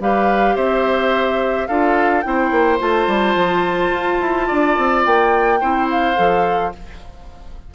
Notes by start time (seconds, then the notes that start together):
0.00 G3 G4 B4 F5
0.56 C4 C5 E5
1.68 D4 F4 A4 F5
2.21 C4 E4 C5 G5
2.51 A#3
2.79 A3 F4 A5
3.07 G3
3.35 F3
3.91 F4
4.21 E4
4.47 D4 D5
4.78 C4
5.05 A#3 G5
5.61 C4 E4 C5
5.90 F5
6.16 F3 A4